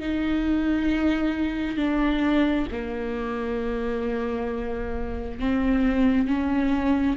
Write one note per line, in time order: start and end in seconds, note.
0.00 1.77 D#4
1.77 2.67 D4
2.72 5.40 A#3
5.40 6.27 C4
6.27 7.17 C#4